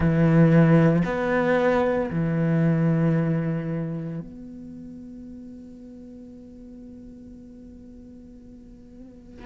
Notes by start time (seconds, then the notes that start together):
0.00 E3
1.04 B3
2.10 E3
4.20 B3